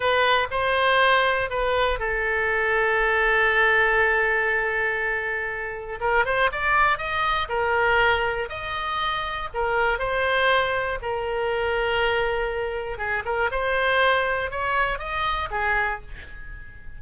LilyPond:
\new Staff \with { instrumentName = "oboe" } { \time 4/4 \tempo 4 = 120 b'4 c''2 b'4 | a'1~ | a'1 | ais'8 c''8 d''4 dis''4 ais'4~ |
ais'4 dis''2 ais'4 | c''2 ais'2~ | ais'2 gis'8 ais'8 c''4~ | c''4 cis''4 dis''4 gis'4 | }